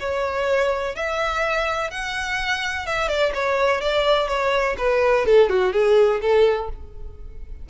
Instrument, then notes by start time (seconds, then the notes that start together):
violin
0.00 C#5
0.96 E5
1.91 F#5
2.86 E5
3.08 D5
3.35 C#5
3.81 D5
4.28 C#5
4.78 B4
5.26 A4
5.50 F#4
5.73 G#4
6.22 A4